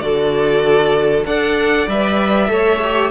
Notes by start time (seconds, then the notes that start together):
0.00 D3 F#4 A4 D5
1.26 D4 A4 D5 F#5
1.88 G3 B4 E5
2.47 A3 A4 C#5
2.83 G4